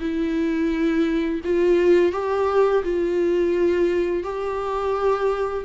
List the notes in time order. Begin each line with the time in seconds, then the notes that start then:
0.00 E4
1.44 F4
2.12 G4
2.83 F4
4.23 G4